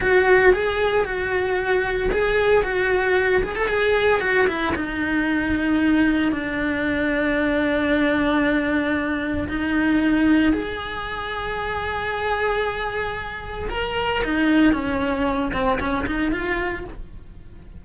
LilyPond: \new Staff \with { instrumentName = "cello" } { \time 4/4 \tempo 4 = 114 fis'4 gis'4 fis'2 | gis'4 fis'4. gis'16 a'16 gis'4 | fis'8 e'8 dis'2. | d'1~ |
d'2 dis'2 | gis'1~ | gis'2 ais'4 dis'4 | cis'4. c'8 cis'8 dis'8 f'4 | }